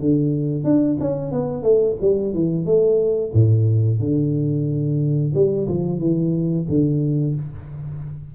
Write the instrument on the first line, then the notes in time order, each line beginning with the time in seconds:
tuba
0.00 D3
0.64 D4
1.01 C#4
1.32 B3
1.63 A3
2.02 G3
2.34 E3
2.66 A3
3.34 A2
4.00 D3
5.35 G3
5.68 F3
6.00 E3
6.69 D3